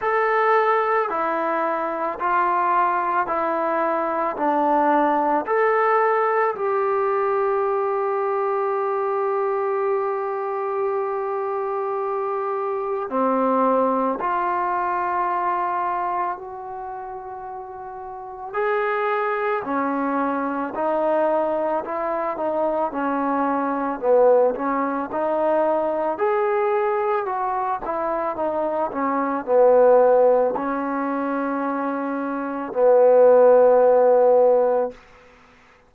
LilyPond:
\new Staff \with { instrumentName = "trombone" } { \time 4/4 \tempo 4 = 55 a'4 e'4 f'4 e'4 | d'4 a'4 g'2~ | g'1 | c'4 f'2 fis'4~ |
fis'4 gis'4 cis'4 dis'4 | e'8 dis'8 cis'4 b8 cis'8 dis'4 | gis'4 fis'8 e'8 dis'8 cis'8 b4 | cis'2 b2 | }